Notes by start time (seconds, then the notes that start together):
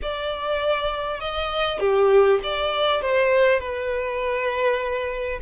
0.02 D5
1.20 D#5
1.79 G4
2.43 D5
3.01 C5
3.59 B4